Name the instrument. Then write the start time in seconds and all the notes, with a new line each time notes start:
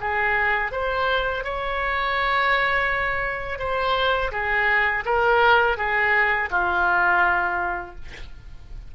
oboe
0.00 G#4
0.72 C5
1.44 C#5
3.59 C5
4.32 G#4
5.05 A#4
5.77 G#4
6.50 F4